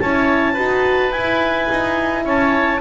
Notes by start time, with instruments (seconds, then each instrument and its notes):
0.00 double bass C#4, horn E4, oboe C#5, clarinet A5
0.54 double bass D#4, horn F#4, oboe B4
1.12 double bass E4, horn E4, clarinet G#5
1.71 double bass D#4
2.25 double bass C#4, oboe C#5, clarinet A5